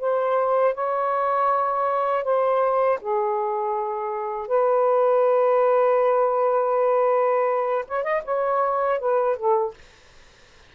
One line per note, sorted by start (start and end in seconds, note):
0.00 0.75 C5
0.75 2.24 C#5
2.24 2.99 C5
3.01 4.48 G#4
4.48 7.85 B4
7.88 8.04 C#5
8.04 8.23 D#5
8.25 9.00 C#5
9.00 9.37 B4
9.37 9.74 A4